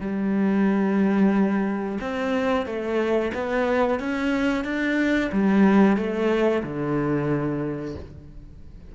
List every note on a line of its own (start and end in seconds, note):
0.00 1.98 G3
2.00 2.66 C4
2.66 3.31 A3
3.34 4.00 B3
4.00 4.64 C#4
4.64 5.30 D4
5.32 5.96 G3
5.96 6.62 A3
6.63 7.95 D3